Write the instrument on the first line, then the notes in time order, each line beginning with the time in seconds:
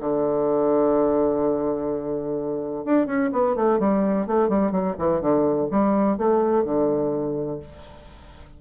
bassoon
0.00 D3
2.85 D4
3.06 C#4
3.32 B3
3.56 A3
3.79 G3
4.27 A3
4.49 G3
4.72 F#3
4.98 E3
5.21 D3
5.71 G3
6.18 A3
6.65 D3